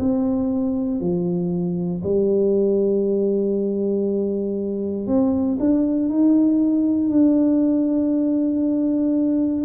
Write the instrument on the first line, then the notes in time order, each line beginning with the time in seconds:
tuba
0.00 C4
1.01 F3
2.04 G3
5.08 C4
5.60 D4
6.10 D#4
7.10 D4